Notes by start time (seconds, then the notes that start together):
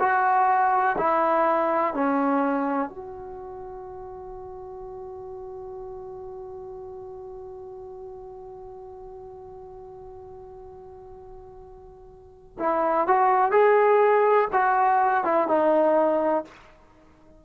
0.00 F#4
0.99 E4
1.94 C#4
2.90 F#4
12.60 E4
13.08 F#4
13.52 G#4
14.53 F#4
15.25 E4
15.48 D#4